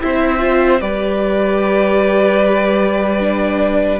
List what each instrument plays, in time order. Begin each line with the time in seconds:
0.00 cello C4, viola E4, violin C5 E5
0.39 viola F4
0.80 cello G3, viola G4, violin B4 D5
3.20 viola D4